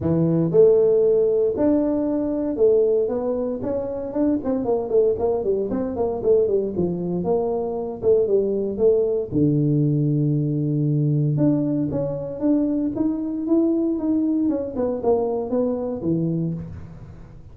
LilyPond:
\new Staff \with { instrumentName = "tuba" } { \time 4/4 \tempo 4 = 116 e4 a2 d'4~ | d'4 a4 b4 cis'4 | d'8 c'8 ais8 a8 ais8 g8 c'8 ais8 | a8 g8 f4 ais4. a8 |
g4 a4 d2~ | d2 d'4 cis'4 | d'4 dis'4 e'4 dis'4 | cis'8 b8 ais4 b4 e4 | }